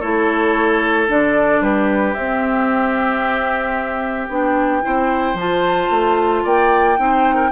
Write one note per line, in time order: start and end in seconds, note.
0.00 1.08 A3
0.00 1.07 E4
0.00 1.61 A4
0.00 1.07 C#5
1.07 1.61 D3
1.07 2.15 D4
1.07 1.62 D5
1.61 2.14 G3
1.61 4.83 G4
1.61 2.14 B4
2.14 4.29 C4
2.14 4.30 C4
2.14 4.28 E5
4.29 4.82 B3
4.29 4.82 D4
4.29 5.39 G5
4.82 5.34 C4
4.82 5.35 E4
4.82 6.43 C5
5.34 5.87 F3
5.34 6.97 F4
5.34 6.46 A5
5.90 6.44 A3
6.43 6.98 A#3
6.43 6.97 D5
6.43 7.52 G5
6.97 7.52 C4
6.97 7.51 D#4
6.97 7.35 C5
7.35 7.49 A#4